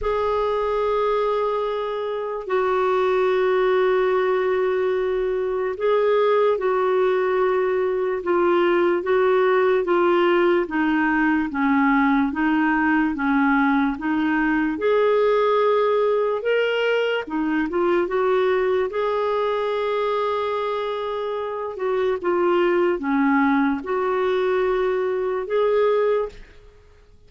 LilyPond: \new Staff \with { instrumentName = "clarinet" } { \time 4/4 \tempo 4 = 73 gis'2. fis'4~ | fis'2. gis'4 | fis'2 f'4 fis'4 | f'4 dis'4 cis'4 dis'4 |
cis'4 dis'4 gis'2 | ais'4 dis'8 f'8 fis'4 gis'4~ | gis'2~ gis'8 fis'8 f'4 | cis'4 fis'2 gis'4 | }